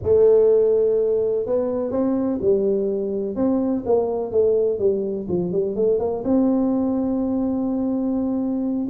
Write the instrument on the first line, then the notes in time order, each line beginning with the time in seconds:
tuba
0.02 A3
1.46 B3
1.91 C4
2.41 G3
3.35 C4
3.85 A#3
4.31 A3
4.78 G3
5.28 F3
5.52 G3
5.75 A3
5.99 A#3
6.24 C4